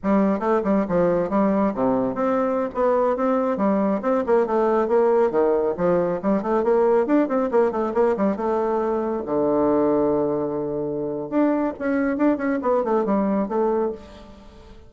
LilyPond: \new Staff \with { instrumentName = "bassoon" } { \time 4/4 \tempo 4 = 138 g4 a8 g8 f4 g4 | c4 c'4~ c'16 b4 c'8.~ | c'16 g4 c'8 ais8 a4 ais8.~ | ais16 dis4 f4 g8 a8 ais8.~ |
ais16 d'8 c'8 ais8 a8 ais8 g8 a8.~ | a4~ a16 d2~ d8.~ | d2 d'4 cis'4 | d'8 cis'8 b8 a8 g4 a4 | }